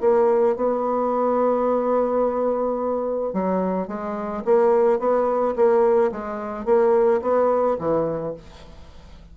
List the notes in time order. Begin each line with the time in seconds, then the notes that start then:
0.00 A#3
0.56 B3
3.33 F#3
3.87 G#3
4.44 A#3
4.99 B3
5.56 A#3
6.11 G#3
6.65 A#3
7.21 B3
7.78 E3